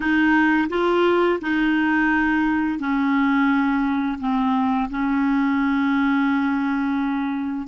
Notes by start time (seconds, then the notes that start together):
0.00 D#4
0.69 F4
1.41 D#4
2.79 C#4
4.19 C4
4.90 C#4